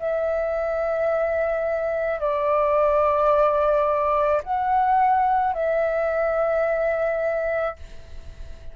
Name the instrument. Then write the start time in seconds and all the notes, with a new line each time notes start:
flute
0.00 E5
2.20 D5
4.44 F#5
5.54 E5